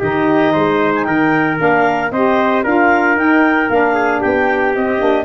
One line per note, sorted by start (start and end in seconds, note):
0.00 0.55 D#3
0.00 1.57 D#4
0.00 0.53 G4
0.00 0.93 D#5
0.53 1.07 G#3
0.53 1.06 C5
0.95 1.04 G#5
1.04 1.60 D#3
1.04 2.12 A#4
1.04 1.57 G5
1.57 2.11 A#3
1.57 2.10 D4
1.57 2.11 F5
2.11 2.64 C4
2.11 2.64 G4
2.11 2.64 C5
2.11 2.64 D#5
2.64 3.16 D4
2.64 3.16 F4
2.64 3.94 A#4
2.64 3.18 F5
3.16 3.68 D#4
3.16 3.70 G5
3.70 4.23 A#3
3.70 4.75 D4
3.70 4.21 F5
3.94 4.21 G#4
4.21 4.76 B3
4.21 5.25 G4
4.21 4.74 G5
4.75 5.01 C4
4.75 4.99 C4
4.75 5.25 D#5
4.99 5.25 A#3
4.99 5.25 D4